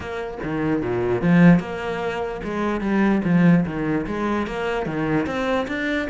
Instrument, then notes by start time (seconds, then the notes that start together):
cello
0.00 A#3
0.43 D#3
0.82 A#2
1.21 F3
1.59 A#3
2.43 G#3
2.80 G3
3.24 F3
3.65 D#3
4.07 G#3
4.46 A#3
4.85 D#3
5.26 C4
5.67 D4